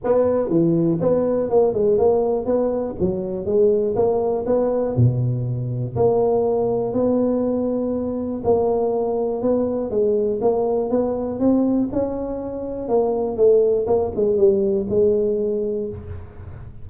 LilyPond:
\new Staff \with { instrumentName = "tuba" } { \time 4/4 \tempo 4 = 121 b4 e4 b4 ais8 gis8 | ais4 b4 fis4 gis4 | ais4 b4 b,2 | ais2 b2~ |
b4 ais2 b4 | gis4 ais4 b4 c'4 | cis'2 ais4 a4 | ais8 gis8 g4 gis2 | }